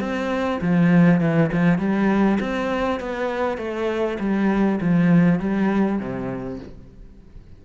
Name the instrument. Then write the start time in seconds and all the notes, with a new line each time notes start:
cello
0.00 C4
0.61 F3
1.20 E3
1.52 F3
1.78 G3
2.40 C4
3.00 B3
3.57 A3
4.19 G3
4.81 F3
5.40 G3
5.99 C3